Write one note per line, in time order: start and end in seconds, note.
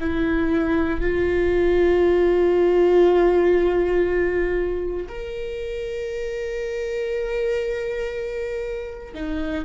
0.00 1.01 E4
1.01 5.08 F4
5.08 9.14 A#4
9.14 9.65 D#4